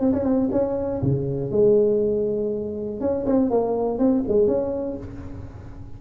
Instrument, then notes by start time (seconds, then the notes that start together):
tuba
0.00 C4
0.13 C#4
0.24 C4
0.52 C#4
1.02 C#3
1.51 G#3
3.00 C#4
3.26 C4
3.50 A#3
3.98 C4
4.28 G#3
4.47 C#4